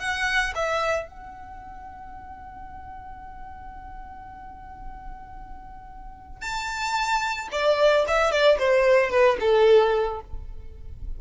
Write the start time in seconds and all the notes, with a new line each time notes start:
0.00 F#5
0.56 E5
1.08 F#5
6.42 A5
7.52 D5
8.08 E5
8.32 D5
8.59 C5
9.11 B4
9.40 A4